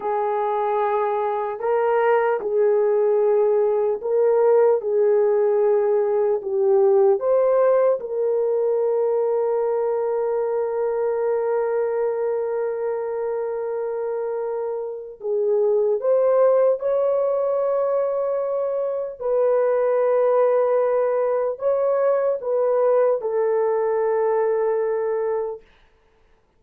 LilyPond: \new Staff \with { instrumentName = "horn" } { \time 4/4 \tempo 4 = 75 gis'2 ais'4 gis'4~ | gis'4 ais'4 gis'2 | g'4 c''4 ais'2~ | ais'1~ |
ais'2. gis'4 | c''4 cis''2. | b'2. cis''4 | b'4 a'2. | }